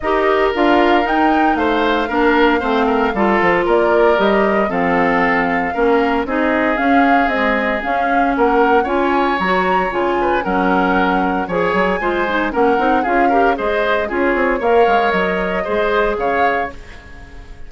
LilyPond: <<
  \new Staff \with { instrumentName = "flute" } { \time 4/4 \tempo 4 = 115 dis''4 f''4 g''4 f''4~ | f''2. d''4 | dis''4 f''2. | dis''4 f''4 dis''4 f''4 |
fis''4 gis''4 ais''4 gis''4 | fis''2 gis''2 | fis''4 f''4 dis''4 cis''4 | f''4 dis''2 f''4 | }
  \new Staff \with { instrumentName = "oboe" } { \time 4/4 ais'2. c''4 | ais'4 c''8 ais'8 a'4 ais'4~ | ais'4 a'2 ais'4 | gis'1 |
ais'4 cis''2~ cis''8 b'8 | ais'2 cis''4 c''4 | ais'4 gis'8 ais'8 c''4 gis'4 | cis''2 c''4 cis''4 | }
  \new Staff \with { instrumentName = "clarinet" } { \time 4/4 g'4 f'4 dis'2 | d'4 c'4 f'2 | g'4 c'2 cis'4 | dis'4 cis'4 gis4 cis'4~ |
cis'4 f'4 fis'4 f'4 | cis'2 gis'4 f'8 dis'8 | cis'8 dis'8 f'8 g'8 gis'4 f'4 | ais'2 gis'2 | }
  \new Staff \with { instrumentName = "bassoon" } { \time 4/4 dis'4 d'4 dis'4 a4 | ais4 a4 g8 f8 ais4 | g4 f2 ais4 | c'4 cis'4 c'4 cis'4 |
ais4 cis'4 fis4 cis4 | fis2 f8 fis8 gis4 | ais8 c'8 cis'4 gis4 cis'8 c'8 | ais8 gis8 fis4 gis4 cis4 | }
>>